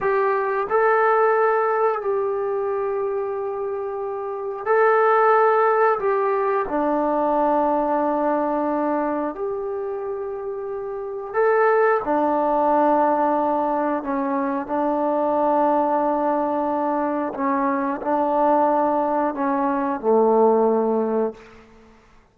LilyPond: \new Staff \with { instrumentName = "trombone" } { \time 4/4 \tempo 4 = 90 g'4 a'2 g'4~ | g'2. a'4~ | a'4 g'4 d'2~ | d'2 g'2~ |
g'4 a'4 d'2~ | d'4 cis'4 d'2~ | d'2 cis'4 d'4~ | d'4 cis'4 a2 | }